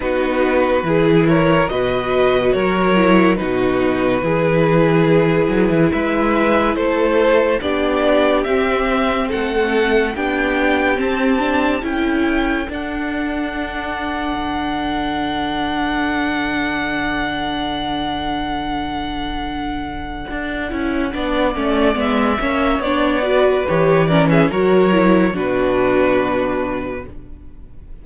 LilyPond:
<<
  \new Staff \with { instrumentName = "violin" } { \time 4/4 \tempo 4 = 71 b'4. cis''8 dis''4 cis''4 | b'2. e''4 | c''4 d''4 e''4 fis''4 | g''4 a''4 g''4 fis''4~ |
fis''1~ | fis''1~ | fis''2 e''4 d''4 | cis''8 d''16 e''16 cis''4 b'2 | }
  \new Staff \with { instrumentName = "violin" } { \time 4/4 fis'4 gis'8 ais'8 b'4 ais'4 | fis'4 gis'2 b'4 | a'4 g'2 a'4 | g'2 a'2~ |
a'1~ | a'1~ | a'4 d''4. cis''4 b'8~ | b'8 ais'16 gis'16 ais'4 fis'2 | }
  \new Staff \with { instrumentName = "viola" } { \time 4/4 dis'4 e'4 fis'4. e'8 | dis'4 e'2.~ | e'4 d'4 c'2 | d'4 c'8 d'8 e'4 d'4~ |
d'1~ | d'1~ | d'8 e'8 d'8 cis'8 b8 cis'8 d'8 fis'8 | g'8 cis'8 fis'8 e'8 d'2 | }
  \new Staff \with { instrumentName = "cello" } { \time 4/4 b4 e4 b,4 fis4 | b,4 e4. fis16 e16 gis4 | a4 b4 c'4 a4 | b4 c'4 cis'4 d'4~ |
d'4 d2.~ | d1 | d'8 cis'8 b8 a8 gis8 ais8 b4 | e4 fis4 b,2 | }
>>